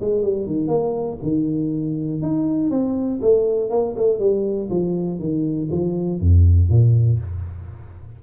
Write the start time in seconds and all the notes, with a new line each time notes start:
0.00 G#3
0.22 G3
0.46 D#3
0.67 A#3
1.22 D#3
2.22 D#4
2.70 C4
3.21 A3
3.70 A#3
3.96 A3
4.19 G3
4.70 F3
5.19 D#3
5.71 F3
6.20 F2
6.69 A#2